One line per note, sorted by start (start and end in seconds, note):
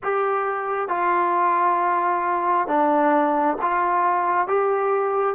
0.03 0.88 G4
0.88 2.67 F4
2.67 3.57 D4
3.61 4.47 F4
4.47 5.35 G4